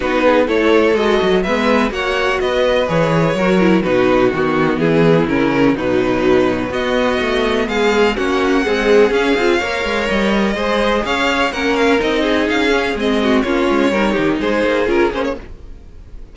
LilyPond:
<<
  \new Staff \with { instrumentName = "violin" } { \time 4/4 \tempo 4 = 125 b'4 cis''4 dis''4 e''4 | fis''4 dis''4 cis''2 | b'4 fis'4 gis'4 ais'4 | b'2 dis''2 |
f''4 fis''2 f''4~ | f''4 dis''2 f''4 | fis''8 f''8 dis''4 f''4 dis''4 | cis''2 c''4 ais'8 c''16 cis''16 | }
  \new Staff \with { instrumentName = "violin" } { \time 4/4 fis'8 gis'8 a'2 b'4 | cis''4 b'2 ais'4 | fis'2 e'2 | dis'2 fis'2 |
gis'4 fis'4 gis'2 | cis''2 c''4 cis''4 | ais'4. gis'2 fis'8 | f'4 ais'8 g'8 gis'2 | }
  \new Staff \with { instrumentName = "viola" } { \time 4/4 dis'4 e'4 fis'4 b4 | fis'2 gis'4 fis'8 e'8 | dis'4 b2 cis'4 | fis2 b2~ |
b4 cis'4 gis4 cis'8 f'8 | ais'2 gis'2 | cis'4 dis'4. cis'8 c'4 | cis'4 dis'2 f'8 cis'8 | }
  \new Staff \with { instrumentName = "cello" } { \time 4/4 b4 a4 gis8 fis8 gis4 | ais4 b4 e4 fis4 | b,4 dis4 e4 cis4 | b,2 b4 a4 |
gis4 ais4 c'4 cis'8 c'8 | ais8 gis8 g4 gis4 cis'4 | ais4 c'4 cis'4 gis4 | ais8 gis8 g8 dis8 gis8 ais8 cis'8 ais8 | }
>>